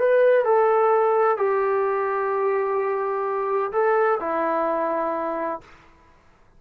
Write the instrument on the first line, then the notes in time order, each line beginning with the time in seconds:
trombone
0.00 B4
0.45 A4
1.38 G4
3.72 A4
4.20 E4